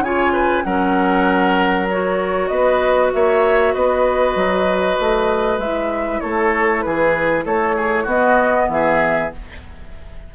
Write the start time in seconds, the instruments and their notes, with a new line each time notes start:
0.00 bassoon C#3, clarinet F4, oboe C#5, flute G#5
0.32 oboe B4
0.63 bassoon F#3, clarinet C#4, oboe A#4, flute F#5
1.90 clarinet F#4, flute C#5
2.48 bassoon B3, oboe B4, flute D#5
3.13 bassoon A#3, oboe C#5, flute E5
3.74 bassoon B3, oboe B4, flute D#5
4.35 bassoon F#3
4.99 bassoon A3
5.58 bassoon G#3, clarinet E4, flute E5
6.20 bassoon A3, oboe A4, flute C#5
6.81 bassoon E3, oboe G#4, flute B4
7.44 bassoon A3, oboe A4, flute C#5
7.76 oboe G#4
8.03 bassoon B3, clarinet B3, oboe F#4, flute D#5
8.69 bassoon E3, oboe G#4, flute E5